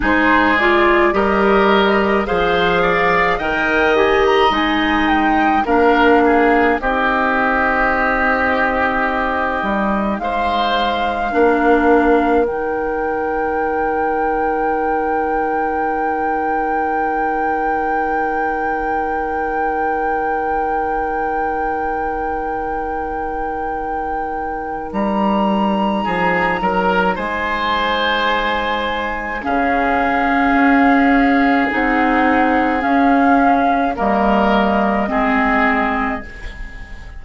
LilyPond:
<<
  \new Staff \with { instrumentName = "flute" } { \time 4/4 \tempo 4 = 53 c''8 d''8 dis''4 f''4 g''8 gis''16 ais''16 | gis''8 g''8 f''4 dis''2~ | dis''4 f''2 g''4~ | g''1~ |
g''1~ | g''2 ais''2 | gis''2 f''2 | fis''4 f''4 dis''2 | }
  \new Staff \with { instrumentName = "oboe" } { \time 4/4 gis'4 ais'4 c''8 d''8 dis''4~ | dis''4 ais'8 gis'8 g'2~ | g'4 c''4 ais'2~ | ais'1~ |
ais'1~ | ais'2. gis'8 ais'8 | c''2 gis'2~ | gis'2 ais'4 gis'4 | }
  \new Staff \with { instrumentName = "clarinet" } { \time 4/4 dis'8 f'8 g'4 gis'4 ais'8 g'8 | dis'4 d'4 dis'2~ | dis'2 d'4 dis'4~ | dis'1~ |
dis'1~ | dis'1~ | dis'2 cis'2 | dis'4 cis'4 ais4 c'4 | }
  \new Staff \with { instrumentName = "bassoon" } { \time 4/4 gis4 g4 f4 dis4 | gis4 ais4 c'2~ | c'8 g8 gis4 ais4 dis4~ | dis1~ |
dis1~ | dis2 g4 f8 fis8 | gis2 cis4 cis'4 | c'4 cis'4 g4 gis4 | }
>>